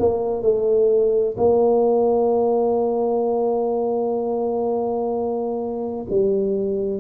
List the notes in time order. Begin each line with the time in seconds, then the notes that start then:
0.00 A#3
0.42 A3
1.37 A#3
6.10 G3